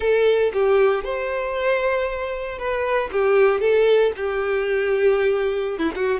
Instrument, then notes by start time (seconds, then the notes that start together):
violin
0.00 A4
0.53 G4
1.03 C5
2.58 B4
3.12 G4
3.60 A4
4.16 G4
5.78 E4
5.95 F#4